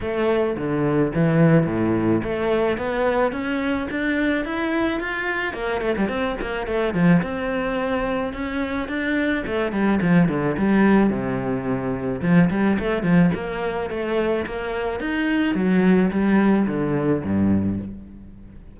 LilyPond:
\new Staff \with { instrumentName = "cello" } { \time 4/4 \tempo 4 = 108 a4 d4 e4 a,4 | a4 b4 cis'4 d'4 | e'4 f'4 ais8 a16 g16 c'8 ais8 | a8 f8 c'2 cis'4 |
d'4 a8 g8 f8 d8 g4 | c2 f8 g8 a8 f8 | ais4 a4 ais4 dis'4 | fis4 g4 d4 g,4 | }